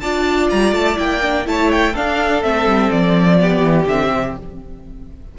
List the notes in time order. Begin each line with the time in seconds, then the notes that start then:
0.00 D4 F4 D5 A5
0.50 G3 A#5
0.73 A3 A5
0.97 A#3 E4 G5
1.22 D4
1.45 A3 E4 C#5 A5
1.72 G5
1.93 D4 A4 F5
2.43 A3 C4 E5
2.66 G3
2.92 F3 D5
3.39 B3 G4
3.63 E3
3.87 D3 C4 E5
4.13 C3